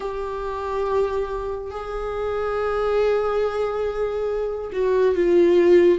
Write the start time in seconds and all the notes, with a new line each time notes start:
0.00 G4
1.70 G#4
4.72 F#4
5.15 F4